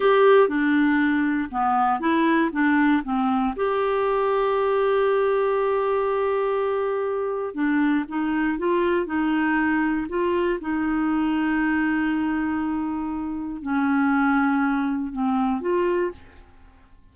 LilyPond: \new Staff \with { instrumentName = "clarinet" } { \time 4/4 \tempo 4 = 119 g'4 d'2 b4 | e'4 d'4 c'4 g'4~ | g'1~ | g'2. d'4 |
dis'4 f'4 dis'2 | f'4 dis'2.~ | dis'2. cis'4~ | cis'2 c'4 f'4 | }